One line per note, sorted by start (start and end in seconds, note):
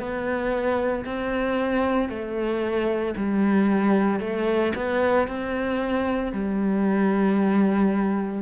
0.00 1.05 B3
1.06 2.10 C4
2.10 3.15 A3
3.17 4.20 G3
4.20 4.73 A3
4.76 5.28 B3
5.28 6.33 C4
6.33 8.43 G3